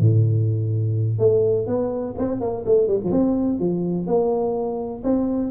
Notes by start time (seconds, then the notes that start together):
0.00 A2
1.19 A3
1.67 B3
2.18 C4
2.41 A#3
2.66 A3
2.88 G3
3.04 F3
3.12 C4
3.60 F3
4.07 A#3
5.04 C4